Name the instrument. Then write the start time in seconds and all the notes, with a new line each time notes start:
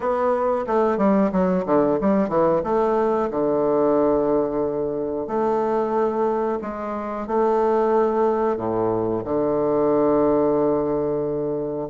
bassoon
0.00 B3
0.66 A3
0.97 G3
1.32 F#3
1.65 D3
2.00 G3
2.29 E3
2.63 A3
3.30 D3
5.27 A3
6.61 G#3
7.27 A3
8.57 A2
9.24 D3